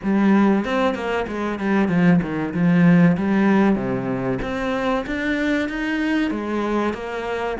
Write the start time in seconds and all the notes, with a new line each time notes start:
0.03 G3
0.64 C4
0.94 A#3
1.27 G#3
1.59 G3
1.88 F3
2.22 D#3
2.53 F3
3.17 G3
3.75 C3
4.42 C4
5.06 D4
5.68 D#4
6.30 G#3
6.93 A#3